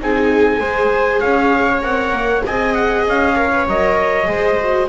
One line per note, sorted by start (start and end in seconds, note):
0.00 0.60 C4
0.00 0.59 D#4
0.00 0.59 G#4
0.00 1.20 G#5
0.59 1.22 G#3
0.59 1.81 G#4
0.59 1.21 C5
1.20 1.82 C#4
1.20 2.43 C#5
1.20 1.81 F5
1.81 2.12 C4
1.81 2.42 A#4
1.81 2.44 F#5
2.12 2.43 A#3
2.46 3.07 C4
2.46 3.36 G#4
2.46 3.36 D#5
2.46 2.74 G#5
2.74 3.05 F#5
3.07 3.66 C#4
3.07 3.68 F5
3.36 3.51 A#4
3.36 4.27 C#5
3.51 3.67 B4
3.66 4.28 F#3
3.66 4.25 A#4
3.66 4.89 D#5
4.25 4.89 G#3
4.25 4.55 G#4
4.25 4.89 C5
4.59 4.89 F#4